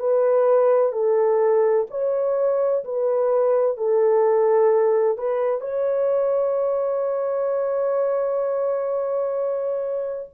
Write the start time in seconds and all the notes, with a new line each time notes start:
0.00 B4
0.93 A4
1.91 C#5
2.85 B4
3.78 A4
5.18 B4
5.61 C#5